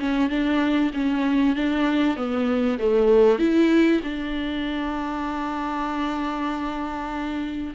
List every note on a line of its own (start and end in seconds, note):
0.00 0.30 C#4
0.30 0.91 D4
0.94 1.55 C#4
1.56 2.16 D4
2.16 2.78 B3
2.79 3.39 A3
3.39 4.01 E4
4.03 7.74 D4